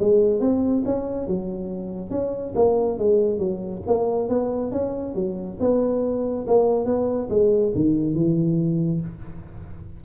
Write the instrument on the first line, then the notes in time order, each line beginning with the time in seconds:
tuba
0.00 G#3
0.41 C4
0.86 C#4
1.28 F#3
2.11 C#4
2.55 A#3
2.99 G#3
3.39 F#3
3.87 A#3
4.29 B3
4.72 C#4
5.15 F#3
5.60 B3
6.47 A#3
6.86 B3
7.30 G#3
7.75 D#3
8.15 E3